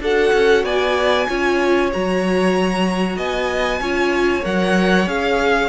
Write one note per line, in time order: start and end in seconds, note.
0.00 0.32 D4
0.00 1.28 F#4
0.00 0.65 A4
0.00 0.65 F#5
0.33 0.64 C#4
0.64 1.27 B3
0.64 1.28 D5
0.64 1.91 G#5
1.28 1.93 C#4
1.28 1.91 F4
1.28 3.16 C#5
1.93 3.17 F#3
1.93 3.82 F#4
1.93 3.18 A#5
3.16 3.80 B3
3.16 3.79 D#5
3.16 4.44 G#5
3.80 4.43 C#4
3.80 4.42 F4
3.80 5.69 C#5
4.42 5.06 F#3
4.42 5.06 A#4
4.42 5.09 F#5
5.06 5.69 C#4
5.06 5.69 G#4
5.06 5.69 F5